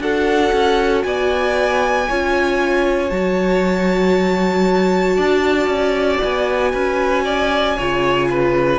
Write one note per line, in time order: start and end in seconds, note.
0.00 0.52 D4
0.00 2.07 F#4
0.00 1.06 A4
0.00 1.03 F#5
0.53 1.05 C#4
1.03 2.08 B3
1.03 2.09 D5
1.03 3.10 G#5
2.09 3.11 C#4
2.09 3.12 F4
2.09 5.17 C#5
3.10 5.18 F#3
3.10 7.77 F#4
3.10 6.21 A5
5.17 5.67 D4
5.17 6.72 D5
5.67 6.19 C#4
6.24 6.74 B3
6.24 8.80 G#5
6.73 7.77 C#4
6.73 7.25 B4
7.25 7.77 D5
7.77 8.80 C#3
7.77 8.80 F4
7.77 8.28 C#5
8.31 8.80 B4